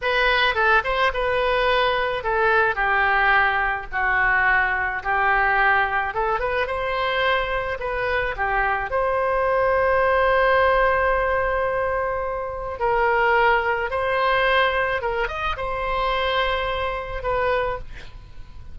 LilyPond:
\new Staff \with { instrumentName = "oboe" } { \time 4/4 \tempo 4 = 108 b'4 a'8 c''8 b'2 | a'4 g'2 fis'4~ | fis'4 g'2 a'8 b'8 | c''2 b'4 g'4 |
c''1~ | c''2. ais'4~ | ais'4 c''2 ais'8 dis''8 | c''2. b'4 | }